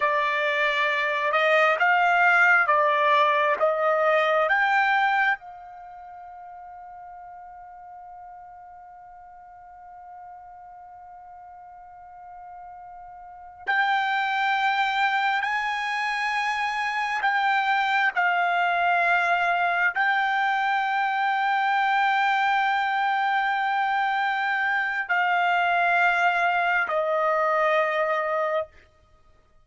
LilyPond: \new Staff \with { instrumentName = "trumpet" } { \time 4/4 \tempo 4 = 67 d''4. dis''8 f''4 d''4 | dis''4 g''4 f''2~ | f''1~ | f''2.~ f''16 g''8.~ |
g''4~ g''16 gis''2 g''8.~ | g''16 f''2 g''4.~ g''16~ | g''1 | f''2 dis''2 | }